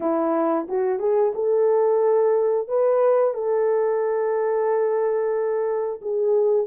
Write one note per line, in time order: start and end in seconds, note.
0.00 0.67 E4
0.68 0.99 F#4
0.99 1.32 G#4
1.35 2.68 A4
2.68 3.33 B4
3.33 6.00 A4
6.01 6.66 G#4